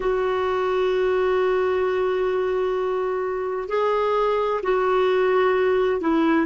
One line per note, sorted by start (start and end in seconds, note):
0.00 3.68 F#4
3.68 4.60 G#4
4.62 6.00 F#4
6.00 6.46 E4